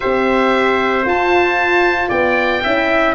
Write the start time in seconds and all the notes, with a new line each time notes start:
0.00 C4 G4 C5 E5
1.05 F4 A5
2.09 B3 D5 G5
2.63 C#4 E4 E5